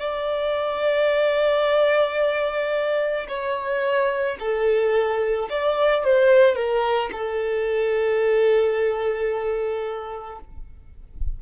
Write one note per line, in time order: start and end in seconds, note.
0.00 3.27 D5
3.29 4.38 C#5
4.40 5.49 A4
5.50 6.04 D5
6.04 6.56 C5
6.56 7.11 A#4
7.13 10.40 A4